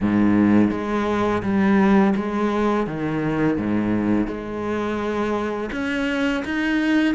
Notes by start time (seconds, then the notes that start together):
0.01 G#2
0.70 G#3
1.42 G3
2.15 G#3
2.86 D#3
3.57 G#2
4.27 G#3
5.71 C#4
6.44 D#4